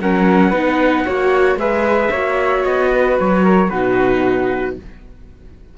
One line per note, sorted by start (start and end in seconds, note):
0.00 0.53 F#3
0.00 0.53 C#4
0.00 0.49 A#4
0.00 1.59 F#5
0.49 1.06 B3
0.49 1.06 D#4
0.49 1.03 B4
1.05 1.56 A#3
1.05 1.59 F#4
1.05 1.58 C#5
1.56 2.09 G#3
1.56 2.13 G#4
1.56 2.11 B4
1.56 2.65 E5
2.11 2.64 A#3
2.11 3.72 F#4
2.11 2.91 C#5
2.65 3.19 B3
2.65 3.18 D#5
2.94 3.44 B4
3.20 3.71 F#3
3.20 3.70 C#5
3.44 3.70 A#4
3.70 4.77 B2
3.70 4.78 D#4
3.70 4.76 F#4
3.70 4.76 B4